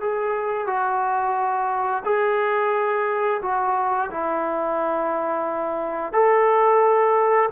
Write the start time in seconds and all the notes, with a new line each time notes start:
0.00 G#4
0.66 F#4
2.05 G#4
3.42 F#4
4.11 E4
6.12 A4